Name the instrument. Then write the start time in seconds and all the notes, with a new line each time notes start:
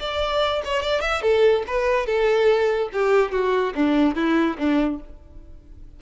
violin
0.00 D5
0.65 C#5
0.82 D5
1.01 E5
1.22 A4
1.67 B4
2.06 A4
2.93 G4
3.32 F#4
3.75 D4
4.16 E4
4.58 D4